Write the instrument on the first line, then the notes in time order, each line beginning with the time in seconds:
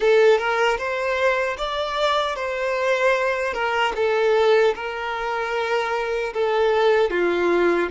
violin
0.00 A4
0.38 A#4
0.78 C5
1.57 D5
2.35 C5
3.53 A#4
3.95 A4
4.75 A#4
6.33 A4
7.10 F4